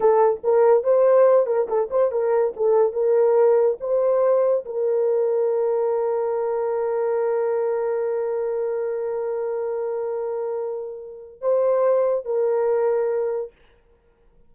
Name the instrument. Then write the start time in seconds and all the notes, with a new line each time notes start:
horn
0.00 A4
0.43 A#4
0.83 C5
1.46 A#4
1.68 A4
1.90 C5
2.11 A#4
2.56 A4
2.93 A#4
3.80 C5
4.65 A#4
11.41 C5
12.25 A#4